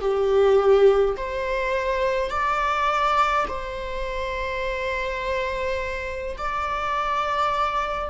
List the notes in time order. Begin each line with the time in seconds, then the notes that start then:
0.00 G4
1.16 C5
2.30 D5
3.48 C5
6.37 D5